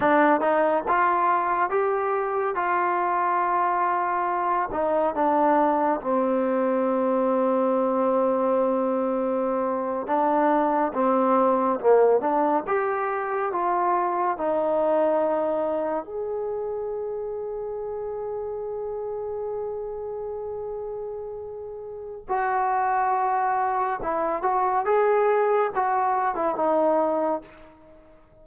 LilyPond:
\new Staff \with { instrumentName = "trombone" } { \time 4/4 \tempo 4 = 70 d'8 dis'8 f'4 g'4 f'4~ | f'4. dis'8 d'4 c'4~ | c'2.~ c'8. d'16~ | d'8. c'4 ais8 d'8 g'4 f'16~ |
f'8. dis'2 gis'4~ gis'16~ | gis'1~ | gis'2 fis'2 | e'8 fis'8 gis'4 fis'8. e'16 dis'4 | }